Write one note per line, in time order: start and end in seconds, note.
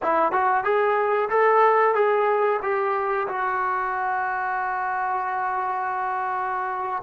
0.02 0.32 E4
0.32 0.64 F#4
0.64 1.29 G#4
1.29 1.94 A4
1.94 2.60 G#4
2.62 3.27 G4
3.28 7.03 F#4